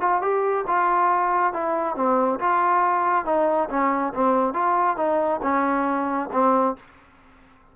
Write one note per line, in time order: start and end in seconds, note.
0.00 0.21 F4
0.21 0.65 G4
0.67 1.53 F4
1.53 1.95 E4
1.95 2.39 C4
2.39 3.25 F4
3.25 3.68 D#4
3.69 4.13 C#4
4.13 4.53 C4
4.53 4.97 F4
4.97 5.40 D#4
5.42 6.29 C#4
6.32 6.76 C4